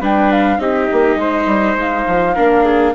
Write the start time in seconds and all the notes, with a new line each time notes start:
0.00 G3 D4 B4 G5
0.32 F5
0.58 C4 D#4 G4 D#5
0.92 A#3
1.16 G#3 C5
1.46 G3
1.75 G#3 F5
2.07 F3
2.35 A#3 D4 A#4
2.65 G#4